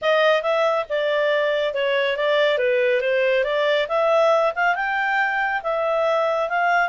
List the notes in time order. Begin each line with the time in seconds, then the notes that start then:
0.01 D#5
0.42 E5
0.89 D5
1.73 C#5
2.16 D5
2.57 B4
3.00 C5
3.44 D5
3.88 E5
4.55 F5
4.75 G5
5.63 E5
6.49 F5